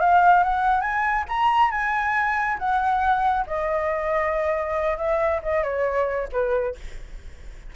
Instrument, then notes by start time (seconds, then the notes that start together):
flute
0.00 F5
0.43 F#5
0.81 G#5
1.28 A#5
1.71 G#5
2.58 F#5
3.46 D#5
4.97 E5
5.42 D#5
5.63 C#5
6.32 B4